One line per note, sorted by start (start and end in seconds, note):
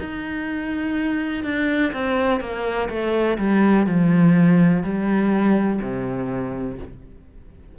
0.00 1.44 D#4
1.44 1.93 D4
1.94 2.41 C4
2.41 2.89 A#3
2.89 3.38 A3
3.38 3.87 G3
3.87 4.83 F3
4.83 5.80 G3
5.82 6.79 C3